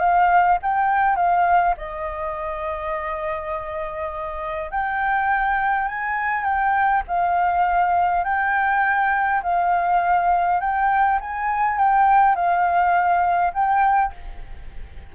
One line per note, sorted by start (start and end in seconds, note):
0.00 0.59 F5
0.63 1.16 G5
1.16 1.75 F5
1.78 4.71 D#5
4.71 5.88 G5
5.88 6.44 G#5
6.44 7.03 G5
7.08 8.24 F5
8.24 9.42 G5
9.43 10.61 F5
10.61 11.20 G5
11.21 11.78 G#5
11.78 12.36 G5
12.36 13.53 F5
13.54 14.13 G5